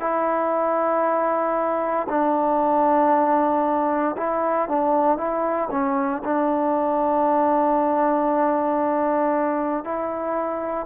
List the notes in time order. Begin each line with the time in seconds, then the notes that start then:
0.00 E4
2.09 D4
4.17 E4
4.68 D4
5.17 E4
5.71 C#4
6.24 D4
9.84 E4